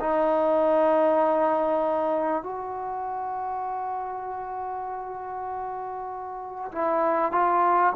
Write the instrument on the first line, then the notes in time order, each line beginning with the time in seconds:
trombone
0.00 D#4
2.43 F#4
6.72 E4
7.32 F4